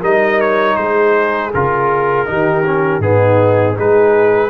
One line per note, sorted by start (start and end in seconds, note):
0.00 0.77 G3
0.00 1.51 D#4
0.00 0.75 A#4
0.00 0.40 D#5
0.40 0.76 C#5
0.76 1.52 G#3
0.76 2.28 G#4
0.76 1.51 C5
1.53 2.28 C#3
1.53 2.26 F4
1.53 3.02 A#4
2.26 2.99 D#3
2.26 2.63 D#4
2.26 3.03 G4
2.65 3.01 C#4
2.99 3.74 G#2
2.99 3.76 B3
2.99 3.76 D#4
2.99 3.77 G#4
3.76 4.50 G#3
3.76 4.50 D#4
3.76 4.50 G#4
3.76 4.50 B4